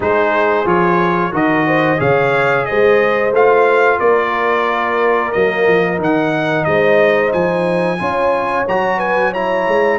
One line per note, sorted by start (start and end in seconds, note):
0.00 0.65 G#3
0.00 0.65 D#4
0.00 1.32 G#4
0.00 0.67 C5
0.65 1.32 F3
0.65 1.31 F4
0.65 1.34 C#5
1.31 1.99 D#3
1.31 1.97 F#4
1.31 1.66 A#4
1.31 2.00 D#5
1.66 1.99 C5
1.97 2.67 C#3
1.97 3.31 G#4
1.97 2.66 C#5
1.97 2.65 F5
2.65 3.32 G#3
2.65 3.99 C5
2.65 3.32 D#5
3.32 3.99 A3
3.32 5.33 F4
3.32 3.99 F5
3.99 5.33 A#3
3.99 6.66 A#4
3.99 5.32 D5
5.32 5.67 F#3
5.32 5.97 A#3
5.32 5.98 D#5
5.67 5.99 F3
5.97 6.66 D#3
5.97 7.97 D#4
5.97 6.64 F#5
6.64 7.33 G#3
6.64 7.99 C5
6.64 7.31 D#5
7.32 8.00 F3
7.32 8.66 G#5
7.98 8.67 C#4
7.98 8.65 F4
7.98 8.97 C#5
8.68 9.67 F#3
8.68 9.34 F#4
8.68 8.99 A#5
8.97 9.30 B4
8.97 9.32 G#5
9.30 9.98 E4
9.30 9.97 C#5
9.30 9.98 A#5
9.67 9.98 G#3